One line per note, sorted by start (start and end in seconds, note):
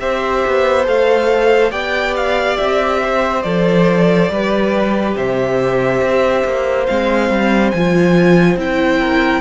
0.00 0.44 C4
0.00 0.85 G4
0.00 1.71 C5
0.00 0.86 E5
0.47 0.87 B3
0.85 1.72 A3
0.85 1.71 A4
0.85 1.72 F5
1.71 2.58 B3
1.71 3.42 G4
1.71 3.00 D5
1.71 2.14 G5
2.17 2.57 F5
2.57 3.44 C4
2.57 3.42 E5
3.03 4.32 C5
3.42 4.30 F3
3.42 4.30 A4
3.42 5.14 D5
4.30 5.15 G3
4.30 6.87 G4
4.30 5.17 B4
5.16 6.01 C3
5.16 9.00 C5
5.16 6.87 E5
6.01 6.44 C4
6.45 6.87 A#3
6.87 7.30 G#3
6.87 7.73 C4
6.87 7.71 F5
7.30 7.73 G3
7.71 8.56 F3
7.71 8.58 F4
7.71 8.57 G#5
8.56 9.41 C4
8.56 9.41 E4
8.56 9.41 G5
9.00 9.41 A#4